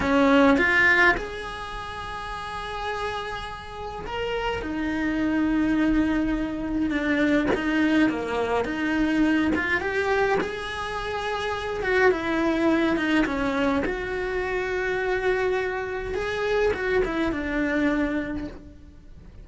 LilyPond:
\new Staff \with { instrumentName = "cello" } { \time 4/4 \tempo 4 = 104 cis'4 f'4 gis'2~ | gis'2. ais'4 | dis'1 | d'4 dis'4 ais4 dis'4~ |
dis'8 f'8 g'4 gis'2~ | gis'8 fis'8 e'4. dis'8 cis'4 | fis'1 | gis'4 fis'8 e'8 d'2 | }